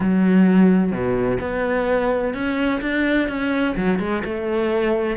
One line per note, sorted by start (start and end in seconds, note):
0.00 0.91 F#3
0.91 1.38 B2
1.40 2.34 B3
2.34 2.80 C#4
2.81 3.28 D4
3.28 3.75 C#4
3.76 3.99 F#3
3.99 4.22 G#3
4.24 5.16 A3